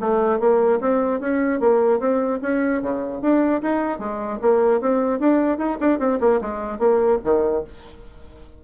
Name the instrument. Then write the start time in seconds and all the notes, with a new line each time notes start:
bassoon
0.00 A3
0.40 A#3
0.81 C4
1.20 C#4
1.60 A#3
2.00 C4
2.42 C#4
2.82 C#3
3.22 D4
3.62 D#4
3.99 G#3
4.42 A#3
4.81 C4
5.20 D4
5.58 D#4
5.80 D4
5.99 C4
6.20 A#3
6.41 G#3
6.79 A#3
7.24 D#3